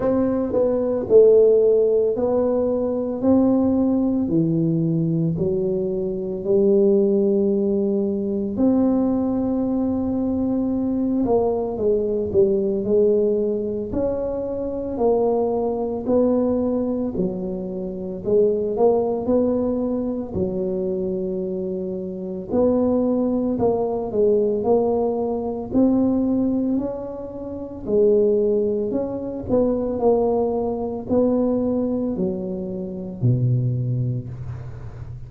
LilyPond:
\new Staff \with { instrumentName = "tuba" } { \time 4/4 \tempo 4 = 56 c'8 b8 a4 b4 c'4 | e4 fis4 g2 | c'2~ c'8 ais8 gis8 g8 | gis4 cis'4 ais4 b4 |
fis4 gis8 ais8 b4 fis4~ | fis4 b4 ais8 gis8 ais4 | c'4 cis'4 gis4 cis'8 b8 | ais4 b4 fis4 b,4 | }